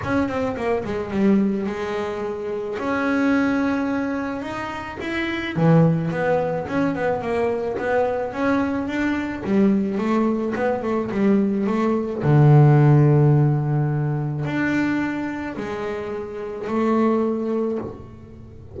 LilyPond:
\new Staff \with { instrumentName = "double bass" } { \time 4/4 \tempo 4 = 108 cis'8 c'8 ais8 gis8 g4 gis4~ | gis4 cis'2. | dis'4 e'4 e4 b4 | cis'8 b8 ais4 b4 cis'4 |
d'4 g4 a4 b8 a8 | g4 a4 d2~ | d2 d'2 | gis2 a2 | }